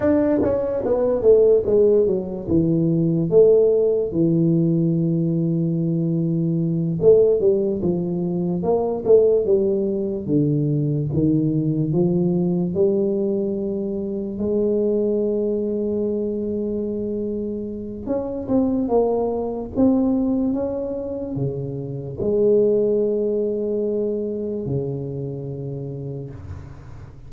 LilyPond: \new Staff \with { instrumentName = "tuba" } { \time 4/4 \tempo 4 = 73 d'8 cis'8 b8 a8 gis8 fis8 e4 | a4 e2.~ | e8 a8 g8 f4 ais8 a8 g8~ | g8 d4 dis4 f4 g8~ |
g4. gis2~ gis8~ | gis2 cis'8 c'8 ais4 | c'4 cis'4 cis4 gis4~ | gis2 cis2 | }